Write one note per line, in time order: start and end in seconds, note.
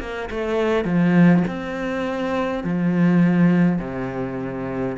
0.00 0.29 A#3
0.31 0.85 A3
0.85 1.44 F3
1.48 2.64 C4
2.64 3.79 F3
3.79 4.97 C3